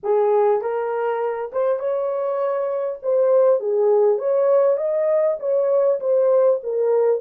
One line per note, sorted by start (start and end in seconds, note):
0.03 0.61 G#4
0.61 1.51 A#4
1.52 1.79 C5
1.79 2.99 C#5
3.02 3.59 C5
3.59 4.18 G#4
4.18 4.77 C#5
4.77 5.37 D#5
5.39 5.99 C#5
6.00 6.60 C5
6.63 7.21 A#4